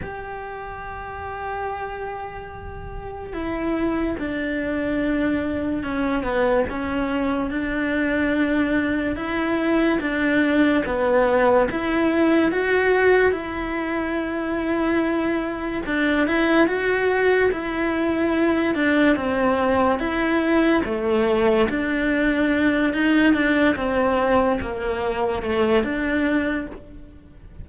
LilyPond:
\new Staff \with { instrumentName = "cello" } { \time 4/4 \tempo 4 = 72 g'1 | e'4 d'2 cis'8 b8 | cis'4 d'2 e'4 | d'4 b4 e'4 fis'4 |
e'2. d'8 e'8 | fis'4 e'4. d'8 c'4 | e'4 a4 d'4. dis'8 | d'8 c'4 ais4 a8 d'4 | }